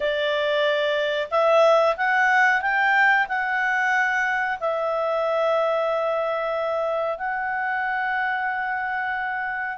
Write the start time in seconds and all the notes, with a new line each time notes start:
0.00 D5
1.30 E5
1.97 F#5
2.61 G5
3.28 F#5
4.60 E5
7.18 F#5